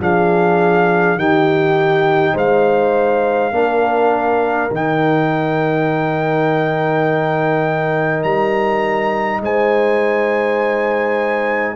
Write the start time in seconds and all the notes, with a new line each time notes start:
0.00 F3 D4 G#4 F5
1.16 D#3 D#4 G4 G5
2.34 G#3 C5 F5
3.52 A#3 D4 A#4
4.71 D#3 D#4 G5
8.24 G3 A#5
9.41 G#3 C5 G#5